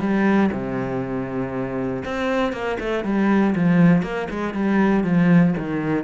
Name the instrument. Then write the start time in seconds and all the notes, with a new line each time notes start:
cello
0.00 G3
0.52 C3
2.05 C4
2.53 A#3
2.80 A3
3.04 G3
3.55 F3
4.03 A#3
4.30 G#3
4.54 G3
5.04 F3
5.58 D#3